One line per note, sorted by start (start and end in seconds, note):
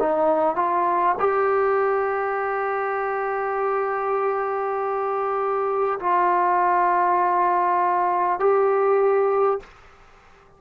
0.00 0.56 D#4
0.56 1.16 F4
1.19 5.99 G4
6.00 8.40 F4
8.40 9.60 G4